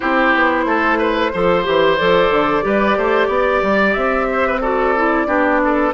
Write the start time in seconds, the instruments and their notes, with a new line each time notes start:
0.00 bassoon C4, clarinet E4, oboe G4, flute C5
0.34 bassoon B3
0.65 bassoon A3, oboe A4
0.98 oboe B4
1.33 bassoon F3, clarinet A4, oboe C5
1.63 bassoon E3, clarinet G4
1.97 bassoon F3, clarinet A4, flute D5
2.30 bassoon D3
2.61 bassoon G3, clarinet G4, oboe B4
2.97 bassoon A3, oboe C5
3.27 bassoon B3, oboe D5
3.62 bassoon G3
3.93 bassoon C4, flute E5
4.31 oboe C5
4.47 oboe B4
4.61 clarinet F#4, oboe A4, flute D5
4.96 clarinet E4
5.26 bassoon B3, clarinet D4, oboe G4
5.64 oboe A4